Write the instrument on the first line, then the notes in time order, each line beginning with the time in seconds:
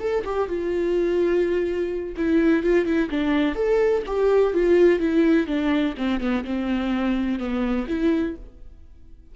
viola
0.00 A4
0.25 G4
0.48 F4
2.17 E4
2.63 F4
2.85 E4
3.10 D4
3.55 A4
4.06 G4
4.54 F4
5.00 E4
5.47 D4
5.97 C4
6.20 B3
6.44 C4
7.39 B3
7.88 E4